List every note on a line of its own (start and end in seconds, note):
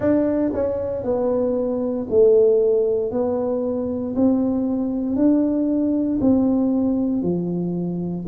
0.00 0.52 D4
0.53 1.03 C#4
1.03 2.06 B3
2.09 3.11 A3
3.11 4.14 B3
4.15 5.15 C4
5.15 6.19 D4
6.21 7.22 C4
7.22 8.25 F3